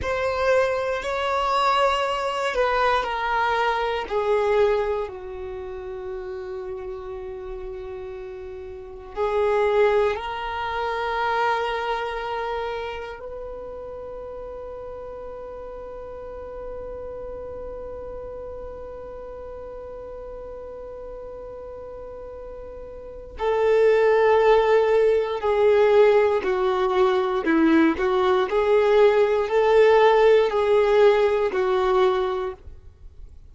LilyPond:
\new Staff \with { instrumentName = "violin" } { \time 4/4 \tempo 4 = 59 c''4 cis''4. b'8 ais'4 | gis'4 fis'2.~ | fis'4 gis'4 ais'2~ | ais'4 b'2.~ |
b'1~ | b'2. a'4~ | a'4 gis'4 fis'4 e'8 fis'8 | gis'4 a'4 gis'4 fis'4 | }